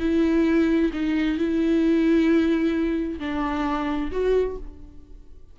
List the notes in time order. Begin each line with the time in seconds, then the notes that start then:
0.00 E4
0.93 D#4
1.38 E4
3.19 D4
4.11 F#4